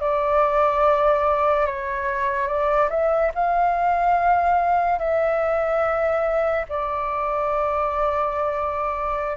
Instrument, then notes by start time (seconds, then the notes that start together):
flute
0.00 D5
1.66 C#5
2.48 D5
2.90 E5
3.34 F5
4.99 E5
6.69 D5